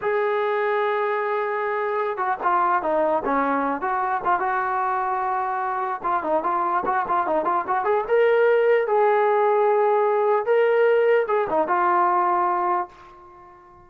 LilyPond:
\new Staff \with { instrumentName = "trombone" } { \time 4/4 \tempo 4 = 149 gis'1~ | gis'4. fis'8 f'4 dis'4 | cis'4. fis'4 f'8 fis'4~ | fis'2. f'8 dis'8 |
f'4 fis'8 f'8 dis'8 f'8 fis'8 gis'8 | ais'2 gis'2~ | gis'2 ais'2 | gis'8 dis'8 f'2. | }